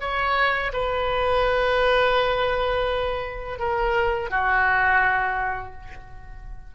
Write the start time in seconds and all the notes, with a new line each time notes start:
0.00 C#5
0.73 B4
3.59 A#4
4.30 F#4